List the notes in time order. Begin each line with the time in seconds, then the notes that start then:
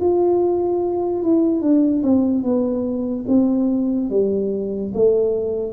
0.00 F4
1.23 E4
1.61 D4
2.03 C4
2.43 B3
3.28 C4
4.10 G3
4.94 A3